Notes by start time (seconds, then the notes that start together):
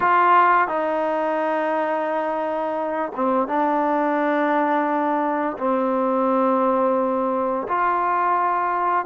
0.00 F4
0.68 D#4
3.15 C4
3.47 D4
5.58 C4
7.67 F4